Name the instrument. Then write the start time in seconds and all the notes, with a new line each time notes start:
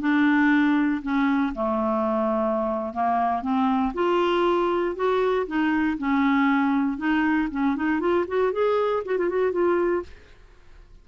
clarinet
0.00 D4
1.03 C#4
1.55 A3
2.94 A#3
3.42 C4
3.94 F4
4.96 F#4
5.47 D#4
5.98 C#4
6.98 D#4
7.51 C#4
7.76 D#4
8.00 F4
8.28 F#4
8.52 G#4
9.05 F#4
9.18 F4
9.29 F#4
9.52 F4